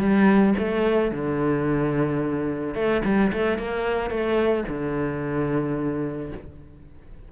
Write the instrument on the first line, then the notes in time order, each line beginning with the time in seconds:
cello
0.00 G3
0.59 A3
1.12 D3
2.75 A3
3.05 G3
3.33 A3
3.59 A#3
4.11 A3
4.69 D3